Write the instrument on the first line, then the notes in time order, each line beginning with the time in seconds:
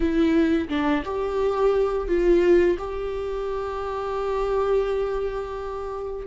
viola
0.00 E4
0.68 D4
1.05 G4
2.07 F4
2.78 G4